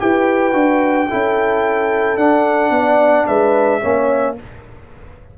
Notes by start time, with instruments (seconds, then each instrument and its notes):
0.00 tuba E4, trombone G4, horn B4, trumpet G5
0.53 tuba D4, trombone F#4
1.10 tuba C#4, trombone E4, horn A4
2.17 tuba D4, trombone D4, trumpet F#5
2.71 tuba B3, horn D5
3.27 tuba G#3, horn B4, trumpet E5
3.81 tuba A#3, trombone C#4, horn C#5